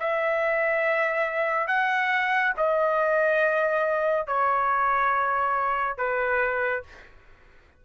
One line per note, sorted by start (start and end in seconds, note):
0.00 1.68 E5
1.68 2.54 F#5
2.57 4.27 D#5
4.27 5.98 C#5
5.98 6.83 B4